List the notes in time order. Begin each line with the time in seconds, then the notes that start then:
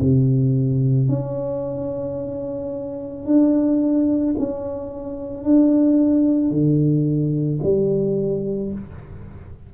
0.00 C3
1.09 C#4
3.26 D4
4.38 C#4
5.44 D4
6.51 D3
7.63 G3